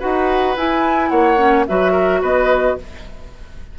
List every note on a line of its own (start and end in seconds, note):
0.00 0.57 D#4
0.00 0.56 F#4
0.00 1.10 B4
0.00 0.56 F#5
0.57 1.12 E4
0.57 1.38 E4
0.57 1.10 G#5
1.10 1.67 A#3
1.10 1.66 C#5
1.10 1.65 F#5
1.38 1.65 C#4
1.68 2.23 F#3
1.68 2.79 F#4
1.68 1.92 B4
1.68 2.23 E5
1.92 2.20 A#4
2.22 2.78 B3
2.22 2.78 B4
2.22 2.79 D#5